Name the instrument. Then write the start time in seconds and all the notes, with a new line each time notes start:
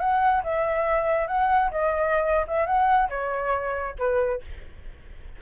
flute
0.00 F#5
0.44 E5
1.28 F#5
1.71 D#5
2.47 E5
2.66 F#5
3.09 C#5
3.99 B4